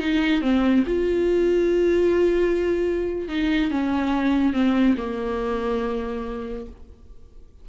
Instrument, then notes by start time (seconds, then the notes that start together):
viola
0.00 D#4
0.42 C4
0.87 F4
3.29 D#4
3.71 C#4
4.54 C4
4.97 A#3